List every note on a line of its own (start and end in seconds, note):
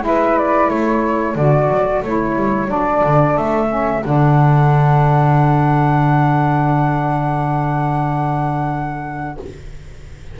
0.00 0.68 G#3
0.00 1.33 E4
0.00 0.38 E5
0.07 0.72 B4
0.38 0.69 D5
0.69 1.35 A3
0.69 9.39 A4
0.69 1.36 C#5
1.35 1.69 D3
1.35 2.04 F#4
1.35 2.03 D5
1.69 2.02 F#3
2.02 2.36 A3
2.02 2.67 E4
2.02 2.70 C#5
2.36 2.68 G3
2.67 3.02 F#3
2.67 3.67 D4
2.67 3.37 D5
3.04 3.37 D3
3.37 4.03 A3
3.37 4.04 E5
3.67 4.01 C#4
4.04 9.38 D3
4.04 9.37 D4
4.04 9.39 F#5